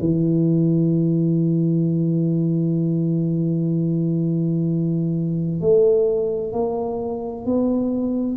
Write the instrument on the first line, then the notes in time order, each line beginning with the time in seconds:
tuba
0.00 E3
5.61 A3
6.53 A#3
7.46 B3